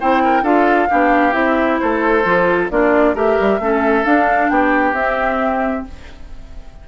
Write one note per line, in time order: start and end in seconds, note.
0.00 0.43 C4
0.00 0.44 E4
0.00 0.23 C5
0.00 0.45 G5
0.24 0.43 A#4
0.43 0.88 D4
0.43 0.89 F4
0.43 0.88 A4
0.43 1.34 F5
0.89 1.34 B3
0.89 1.32 D4
0.89 1.80 G4
1.32 1.79 C4
1.32 2.22 E4
1.32 1.79 E5
1.79 2.25 A3
1.79 2.72 A4
1.79 2.69 C5
2.25 2.70 F3
2.25 2.70 F4
2.70 3.15 A#3
2.70 3.15 D4
2.70 3.15 F4
2.70 3.16 D5
3.15 3.37 A3
3.15 3.60 G4
3.15 3.60 A#4
3.15 4.05 E5
3.41 3.59 G3
3.59 4.05 A3
3.59 4.05 C#4
3.59 4.52 A4
4.05 4.95 D4
4.05 4.50 D4
4.05 4.49 F5
4.49 4.93 B3
4.49 5.87 G4
4.49 4.94 G5
4.93 5.83 C4
4.93 5.88 C4
4.93 5.84 E5